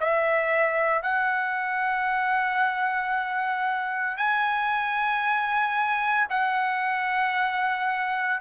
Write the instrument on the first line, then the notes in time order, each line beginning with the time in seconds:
trumpet
0.00 E5
1.02 F#5
4.17 G#5
6.29 F#5